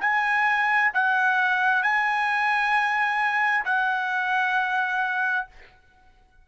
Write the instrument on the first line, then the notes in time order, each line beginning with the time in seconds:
trumpet
0.00 G#5
0.93 F#5
1.83 G#5
3.65 F#5